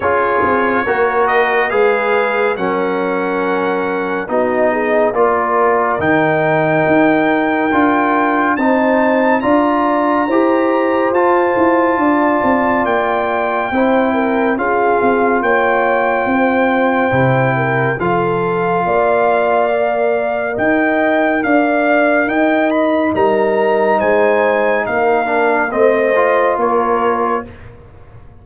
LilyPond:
<<
  \new Staff \with { instrumentName = "trumpet" } { \time 4/4 \tempo 4 = 70 cis''4. dis''8 f''4 fis''4~ | fis''4 dis''4 d''4 g''4~ | g''2 a''4 ais''4~ | ais''4 a''2 g''4~ |
g''4 f''4 g''2~ | g''4 f''2. | g''4 f''4 g''8 b''8 ais''4 | gis''4 f''4 dis''4 cis''4 | }
  \new Staff \with { instrumentName = "horn" } { \time 4/4 gis'4 ais'4 b'4 ais'4~ | ais'4 fis'8 gis'8 ais'2~ | ais'2 c''4 d''4 | c''2 d''2 |
c''8 ais'8 gis'4 cis''4 c''4~ | c''8 ais'8 a'4 d''2 | dis''4 d''4 dis''4 ais'4 | c''4 ais'4 c''4 ais'4 | }
  \new Staff \with { instrumentName = "trombone" } { \time 4/4 f'4 fis'4 gis'4 cis'4~ | cis'4 dis'4 f'4 dis'4~ | dis'4 f'4 dis'4 f'4 | g'4 f'2. |
e'4 f'2. | e'4 f'2 ais'4~ | ais'2. dis'4~ | dis'4. d'8 c'8 f'4. | }
  \new Staff \with { instrumentName = "tuba" } { \time 4/4 cis'8 c'8 ais4 gis4 fis4~ | fis4 b4 ais4 dis4 | dis'4 d'4 c'4 d'4 | e'4 f'8 e'8 d'8 c'8 ais4 |
c'4 cis'8 c'8 ais4 c'4 | c4 f4 ais2 | dis'4 d'4 dis'4 g4 | gis4 ais4 a4 ais4 | }
>>